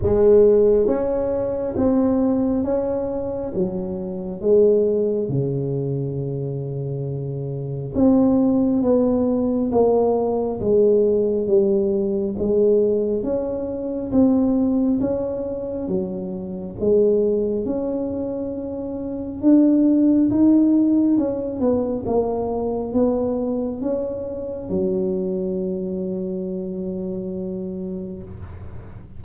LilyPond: \new Staff \with { instrumentName = "tuba" } { \time 4/4 \tempo 4 = 68 gis4 cis'4 c'4 cis'4 | fis4 gis4 cis2~ | cis4 c'4 b4 ais4 | gis4 g4 gis4 cis'4 |
c'4 cis'4 fis4 gis4 | cis'2 d'4 dis'4 | cis'8 b8 ais4 b4 cis'4 | fis1 | }